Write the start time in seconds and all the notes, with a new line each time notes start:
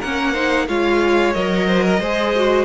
0.00 A#3 C#4 A#4 F#5
0.33 D#4 C5
0.68 G#3 F4 C#5 F5
1.33 F#3 A#4 D#5
1.68 C5
1.83 A#4
2.00 G#3 G#4 C5
2.36 F#4